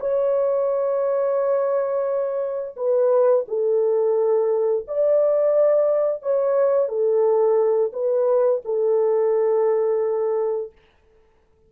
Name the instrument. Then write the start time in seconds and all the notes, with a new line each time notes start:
horn
0.00 C#5
2.76 B4
3.48 A4
4.88 D5
6.22 C#5
6.88 A4
7.93 B4
8.65 A4